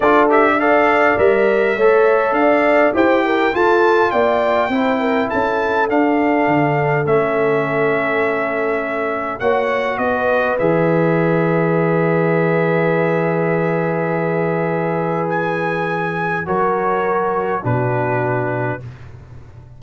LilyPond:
<<
  \new Staff \with { instrumentName = "trumpet" } { \time 4/4 \tempo 4 = 102 d''8 e''8 f''4 e''2 | f''4 g''4 a''4 g''4~ | g''4 a''4 f''2 | e''1 |
fis''4 dis''4 e''2~ | e''1~ | e''2 gis''2 | cis''2 b'2 | }
  \new Staff \with { instrumentName = "horn" } { \time 4/4 a'4 d''2 cis''4 | d''4 c''8 ais'8 a'4 d''4 | c''8 ais'8 a'2.~ | a'1 |
cis''4 b'2.~ | b'1~ | b'1 | ais'2 fis'2 | }
  \new Staff \with { instrumentName = "trombone" } { \time 4/4 f'8 g'8 a'4 ais'4 a'4~ | a'4 g'4 f'2 | e'2 d'2 | cis'1 |
fis'2 gis'2~ | gis'1~ | gis'1 | fis'2 d'2 | }
  \new Staff \with { instrumentName = "tuba" } { \time 4/4 d'2 g4 a4 | d'4 e'4 f'4 ais4 | c'4 cis'4 d'4 d4 | a1 |
ais4 b4 e2~ | e1~ | e1 | fis2 b,2 | }
>>